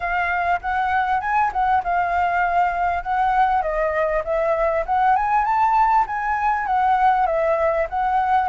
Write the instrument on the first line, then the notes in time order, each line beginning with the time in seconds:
flute
0.00 F5
0.61 F#5
1.20 G#5
1.52 F#5
1.83 F5
3.03 F#5
3.62 D#5
4.24 E5
4.86 F#5
5.15 G#5
5.44 A5
6.07 G#5
6.66 F#5
7.26 E5
7.90 F#5